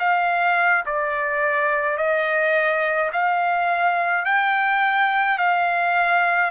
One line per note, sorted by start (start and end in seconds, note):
0.00 0.85 F5
0.86 1.98 D5
1.98 3.11 D#5
3.13 4.26 F5
4.26 5.39 G5
5.39 6.51 F5